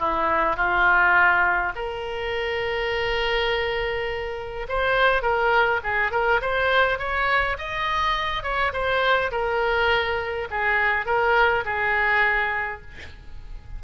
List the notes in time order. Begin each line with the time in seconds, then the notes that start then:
0.00 E4
0.57 F4
1.76 A#4
4.69 C5
5.22 A#4
5.84 G#4
6.12 A#4
6.42 C5
6.99 C#5
7.59 D#5
8.43 C#5
8.73 C5
9.32 A#4
10.51 G#4
11.06 A#4
11.65 G#4